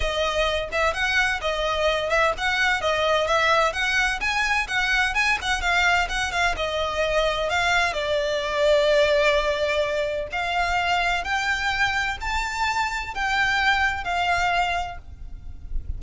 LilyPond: \new Staff \with { instrumentName = "violin" } { \time 4/4 \tempo 4 = 128 dis''4. e''8 fis''4 dis''4~ | dis''8 e''8 fis''4 dis''4 e''4 | fis''4 gis''4 fis''4 gis''8 fis''8 | f''4 fis''8 f''8 dis''2 |
f''4 d''2.~ | d''2 f''2 | g''2 a''2 | g''2 f''2 | }